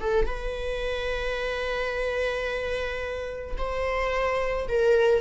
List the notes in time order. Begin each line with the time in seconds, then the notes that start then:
0.00 A4
0.26 B4
3.57 C5
4.68 A#4